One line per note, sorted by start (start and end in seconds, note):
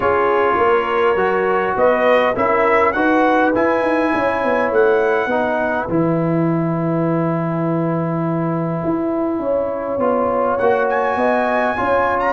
0.00 0.56 C#4
0.00 1.16 F4
0.00 0.58 G#4
0.00 1.76 C#5
0.56 1.15 A#3
0.56 1.76 A#4
1.15 1.74 F#3
1.15 2.34 F#4
1.76 2.35 B3
1.76 2.35 B4
1.76 2.36 D#5
2.35 2.95 C#4
2.35 2.94 E4
2.35 2.94 A#4
2.35 2.92 E5
2.92 3.53 D#4
2.92 3.53 F#4
2.92 4.13 B4
2.92 3.51 F#5
3.54 5.29 E4
3.54 3.82 E4
3.54 4.72 G#5
3.82 4.11 D#4
4.14 4.43 C#4
4.14 5.30 C#5
4.43 4.71 B3
4.71 5.26 A3
4.71 5.87 F#5
5.26 5.85 B3
5.26 5.88 D#4
5.26 9.41 B4
5.87 8.83 E3
5.87 10.00 E4
5.87 10.57 G#5
8.84 9.39 E4
9.39 9.98 C#4
9.39 11.17 C#5
9.98 10.57 B3
9.98 10.58 F4
10.57 11.16 A#3
10.57 11.76 F#4
10.57 10.87 F#5
10.89 12.19 G#5
11.16 11.75 B3
11.16 11.76 D#5
11.76 12.33 C#4
11.76 12.33 F4
11.76 12.33 C#5
12.19 12.33 A#5